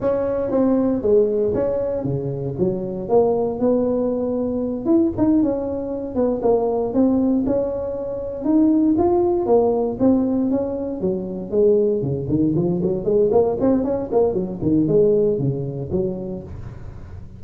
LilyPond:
\new Staff \with { instrumentName = "tuba" } { \time 4/4 \tempo 4 = 117 cis'4 c'4 gis4 cis'4 | cis4 fis4 ais4 b4~ | b4. e'8 dis'8 cis'4. | b8 ais4 c'4 cis'4.~ |
cis'8 dis'4 f'4 ais4 c'8~ | c'8 cis'4 fis4 gis4 cis8 | dis8 f8 fis8 gis8 ais8 c'8 cis'8 ais8 | fis8 dis8 gis4 cis4 fis4 | }